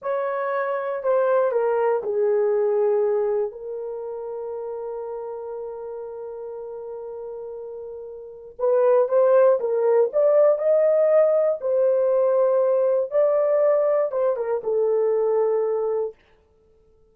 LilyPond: \new Staff \with { instrumentName = "horn" } { \time 4/4 \tempo 4 = 119 cis''2 c''4 ais'4 | gis'2. ais'4~ | ais'1~ | ais'1~ |
ais'4 b'4 c''4 ais'4 | d''4 dis''2 c''4~ | c''2 d''2 | c''8 ais'8 a'2. | }